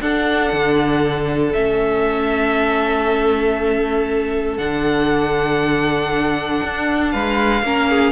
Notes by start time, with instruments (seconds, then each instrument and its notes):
0.00 cello D4, viola D4, violin A4 F#5
0.52 cello D3
1.53 cello A3, viola C#4, violin E5
4.57 cello D3, viola D4, violin F#5
6.63 cello D4
7.11 cello G#3, violin B4 F5
7.62 cello A#3, viola C#4, violin A#4
7.89 violin G#4